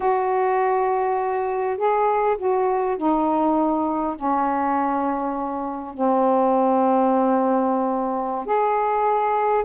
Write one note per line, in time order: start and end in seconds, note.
0.00 1.77 F#4
1.77 2.36 G#4
2.37 2.97 F#4
2.97 4.16 D#4
4.16 5.94 C#4
5.94 8.45 C4
8.45 9.64 G#4